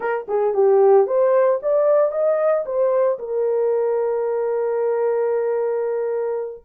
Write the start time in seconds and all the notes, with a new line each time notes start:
0.00 A#4
0.28 G#4
0.53 G4
1.06 C5
1.62 D5
2.11 D#5
2.65 C5
3.18 A#4